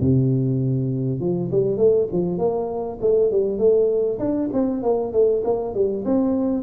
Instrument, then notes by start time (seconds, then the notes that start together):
tuba
0.00 C3
1.20 F3
1.51 G3
1.77 A3
2.12 F3
2.38 A#3
3.01 A3
3.31 G3
3.58 A3
4.19 D4
4.53 C4
4.82 A#3
5.12 A3
5.44 A#3
5.74 G3
6.05 C4